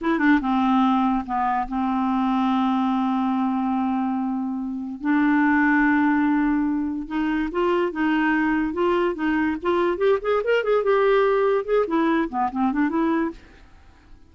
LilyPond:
\new Staff \with { instrumentName = "clarinet" } { \time 4/4 \tempo 4 = 144 e'8 d'8 c'2 b4 | c'1~ | c'1 | d'1~ |
d'4 dis'4 f'4 dis'4~ | dis'4 f'4 dis'4 f'4 | g'8 gis'8 ais'8 gis'8 g'2 | gis'8 e'4 b8 c'8 d'8 e'4 | }